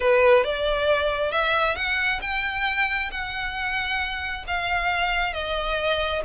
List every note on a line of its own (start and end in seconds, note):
0.00 0.43 B4
0.43 1.31 D5
1.31 1.76 E5
1.76 2.20 F#5
2.21 3.10 G5
3.11 4.44 F#5
4.47 5.33 F5
5.33 6.22 D#5